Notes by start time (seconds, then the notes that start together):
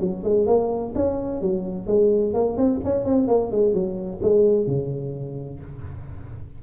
0.00 F#3
0.24 G#3
0.46 A#3
0.95 C#4
1.41 F#3
1.86 G#3
2.34 A#3
2.57 C4
2.84 C#4
3.05 C4
3.27 A#3
3.51 G#3
3.74 F#3
4.22 G#3
4.67 C#3